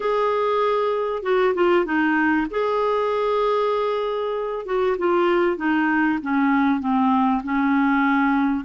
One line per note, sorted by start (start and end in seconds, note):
0.00 1.23 G#4
1.23 1.54 F#4
1.54 1.85 F4
1.85 2.47 D#4
2.50 4.65 G#4
4.65 4.96 F#4
4.98 5.57 F4
5.57 6.19 D#4
6.22 6.80 C#4
6.80 7.41 C4
7.43 8.64 C#4